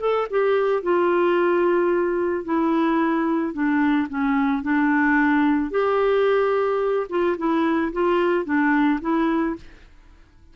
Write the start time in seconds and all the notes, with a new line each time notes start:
0.00 A4
0.30 G4
0.82 F4
2.44 E4
3.53 D4
4.09 C#4
4.62 D4
5.70 G4
7.09 F4
7.37 E4
7.92 F4
8.45 D4
9.01 E4